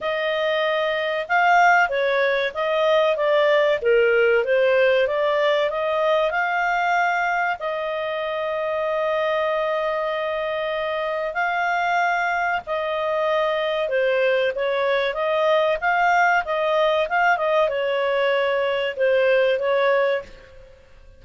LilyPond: \new Staff \with { instrumentName = "clarinet" } { \time 4/4 \tempo 4 = 95 dis''2 f''4 cis''4 | dis''4 d''4 ais'4 c''4 | d''4 dis''4 f''2 | dis''1~ |
dis''2 f''2 | dis''2 c''4 cis''4 | dis''4 f''4 dis''4 f''8 dis''8 | cis''2 c''4 cis''4 | }